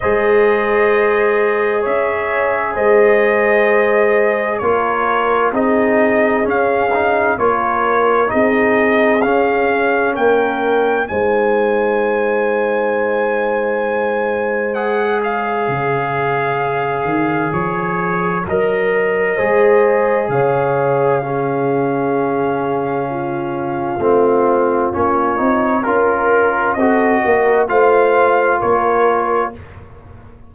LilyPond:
<<
  \new Staff \with { instrumentName = "trumpet" } { \time 4/4 \tempo 4 = 65 dis''2 e''4 dis''4~ | dis''4 cis''4 dis''4 f''4 | cis''4 dis''4 f''4 g''4 | gis''1 |
fis''8 f''2~ f''8 cis''4 | dis''2 f''2~ | f''2. cis''4 | ais'4 dis''4 f''4 cis''4 | }
  \new Staff \with { instrumentName = "horn" } { \time 4/4 c''2 cis''4 c''4~ | c''4 ais'4 gis'2 | ais'4 gis'2 ais'4 | c''1~ |
c''8 cis''2.~ cis''8~ | cis''4 c''4 cis''4 gis'4~ | gis'4 f'2. | ais'4 a'8 ais'8 c''4 ais'4 | }
  \new Staff \with { instrumentName = "trombone" } { \time 4/4 gis'1~ | gis'4 f'4 dis'4 cis'8 dis'8 | f'4 dis'4 cis'2 | dis'1 |
gis'1 | ais'4 gis'2 cis'4~ | cis'2 c'4 cis'8 dis'8 | f'4 fis'4 f'2 | }
  \new Staff \with { instrumentName = "tuba" } { \time 4/4 gis2 cis'4 gis4~ | gis4 ais4 c'4 cis'4 | ais4 c'4 cis'4 ais4 | gis1~ |
gis4 cis4. dis8 f4 | fis4 gis4 cis2~ | cis2 a4 ais8 c'8 | cis'4 c'8 ais8 a4 ais4 | }
>>